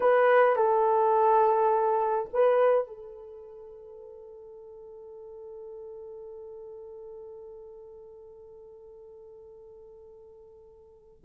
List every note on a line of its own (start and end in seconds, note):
0.00 0.56 B4
0.56 2.29 A4
2.33 2.87 B4
2.87 11.23 A4